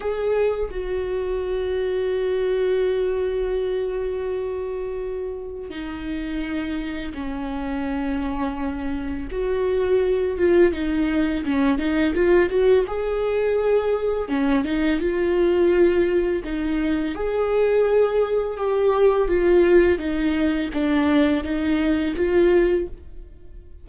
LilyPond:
\new Staff \with { instrumentName = "viola" } { \time 4/4 \tempo 4 = 84 gis'4 fis'2.~ | fis'1 | dis'2 cis'2~ | cis'4 fis'4. f'8 dis'4 |
cis'8 dis'8 f'8 fis'8 gis'2 | cis'8 dis'8 f'2 dis'4 | gis'2 g'4 f'4 | dis'4 d'4 dis'4 f'4 | }